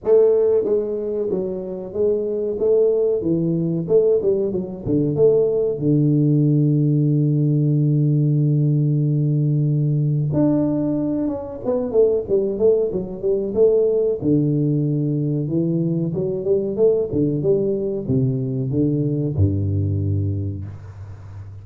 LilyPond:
\new Staff \with { instrumentName = "tuba" } { \time 4/4 \tempo 4 = 93 a4 gis4 fis4 gis4 | a4 e4 a8 g8 fis8 d8 | a4 d2.~ | d1 |
d'4. cis'8 b8 a8 g8 a8 | fis8 g8 a4 d2 | e4 fis8 g8 a8 d8 g4 | c4 d4 g,2 | }